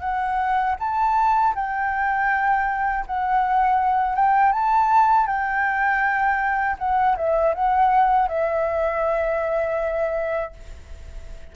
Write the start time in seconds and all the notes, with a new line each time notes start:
0.00 F#5
0.79 A5
1.54 G5
3.06 F#5
4.15 G5
4.52 A5
5.26 G5
6.78 F#5
7.17 E5
7.54 F#5
8.28 E5